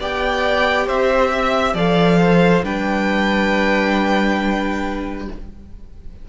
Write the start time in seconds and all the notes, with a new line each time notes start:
0.00 B3 G4 D5 G5
0.87 C4 C5 E5
1.32 E5
1.74 F3 A4 D5 F5
2.21 C5
2.63 G3 D4 B4 G5